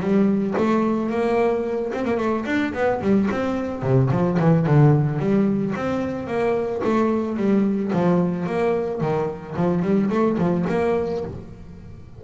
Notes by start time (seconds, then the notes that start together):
0.00 G3
0.58 A3
1.10 A#3
1.94 C4
2.05 A#3
2.18 A3
2.46 D4
2.74 B3
3.01 G3
3.31 C4
3.83 C3
4.11 F3
4.39 E3
4.67 D3
5.19 G3
5.76 C4
6.27 A#3
6.84 A3
7.37 G3
7.93 F3
8.46 A#3
9.01 D#3
9.56 F3
9.83 G3
10.10 A3
10.38 F3
10.69 A#3